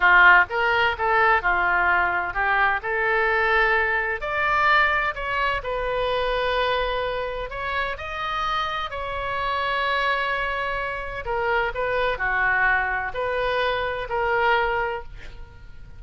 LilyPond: \new Staff \with { instrumentName = "oboe" } { \time 4/4 \tempo 4 = 128 f'4 ais'4 a'4 f'4~ | f'4 g'4 a'2~ | a'4 d''2 cis''4 | b'1 |
cis''4 dis''2 cis''4~ | cis''1 | ais'4 b'4 fis'2 | b'2 ais'2 | }